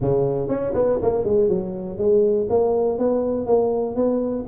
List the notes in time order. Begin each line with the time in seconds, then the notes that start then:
0.00 C#3
0.48 C#4
0.74 B3
1.02 A#3
1.24 G#3
1.48 F#3
1.98 G#3
2.49 A#3
2.98 B3
3.46 A#3
3.95 B3